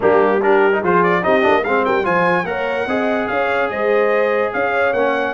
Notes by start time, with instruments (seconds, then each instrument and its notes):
0.00 tuba G3, trombone A#3, horn D4, trumpet G4
0.41 trombone D4, horn G4, trumpet A#4
0.73 trombone D#4
0.80 tuba F3, trombone F4, horn G#4, trumpet C5
1.03 trumpet D5
1.22 tuba C4, trombone D#4, horn G4, trumpet D#5
1.41 tuba A#3, trombone D4
1.63 tuba G#3, trombone C4, horn G#4, trumpet F5
1.84 tuba G3, horn A#4, trumpet G5
2.03 tuba F3, trombone F4, horn C5, trumpet G#5
2.44 tuba A#3, trombone A#4, horn C#5, trumpet F#5
2.86 tuba C4, trombone G#4, horn D#5
3.27 tuba C#4, horn C#5, trumpet F5
3.70 tuba G#3, horn C5, trumpet D#5
4.53 tuba C#4, horn C#5, trumpet F5
4.93 tuba A#3, trombone C#4, trumpet F#5